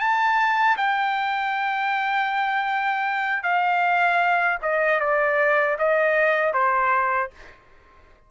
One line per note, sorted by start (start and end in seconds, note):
0.00 0.77 A5
0.77 3.43 G5
3.43 4.58 F5
4.63 5.00 D#5
5.00 5.77 D5
5.79 6.54 D#5
6.54 7.31 C5